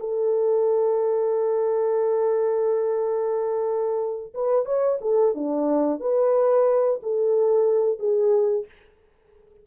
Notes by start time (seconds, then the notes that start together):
0.00 A4
4.34 B4
4.65 C#5
5.01 A4
5.35 D4
6.00 B4
7.02 A4
7.99 G#4